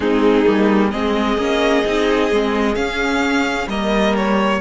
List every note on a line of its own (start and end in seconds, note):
0.00 0.45 G#3
0.00 0.45 C4
0.00 0.92 D#4
0.00 0.90 G#4
0.45 0.93 G3
0.45 0.92 A#3
0.90 1.37 G#3
0.90 1.38 C4
0.90 3.68 G#4
0.90 2.75 D#5
1.37 1.83 A#3
1.37 1.84 C#4
1.85 2.31 C4
1.85 2.31 D#4
2.31 2.76 G#3
2.31 2.74 C4
2.74 3.66 C#4
2.74 3.67 C#4
2.74 3.67 F5
3.67 4.59 G3
3.67 4.60 A#3
3.67 4.60 A#4
3.67 4.15 D#5
4.16 4.60 C#5